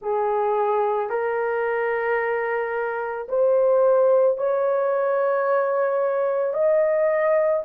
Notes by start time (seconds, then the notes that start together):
0.01 G#4
1.09 A#4
3.28 C5
4.37 C#5
6.53 D#5